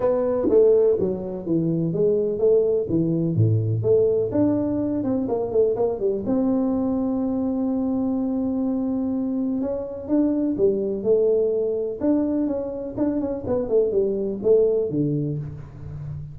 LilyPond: \new Staff \with { instrumentName = "tuba" } { \time 4/4 \tempo 4 = 125 b4 a4 fis4 e4 | gis4 a4 e4 a,4 | a4 d'4. c'8 ais8 a8 | ais8 g8 c'2.~ |
c'1 | cis'4 d'4 g4 a4~ | a4 d'4 cis'4 d'8 cis'8 | b8 a8 g4 a4 d4 | }